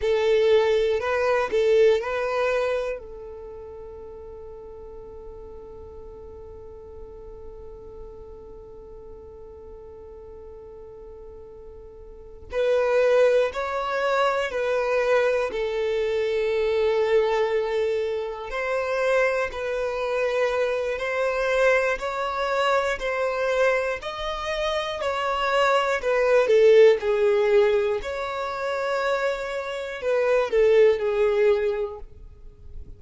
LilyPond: \new Staff \with { instrumentName = "violin" } { \time 4/4 \tempo 4 = 60 a'4 b'8 a'8 b'4 a'4~ | a'1~ | a'1~ | a'8 b'4 cis''4 b'4 a'8~ |
a'2~ a'8 c''4 b'8~ | b'4 c''4 cis''4 c''4 | dis''4 cis''4 b'8 a'8 gis'4 | cis''2 b'8 a'8 gis'4 | }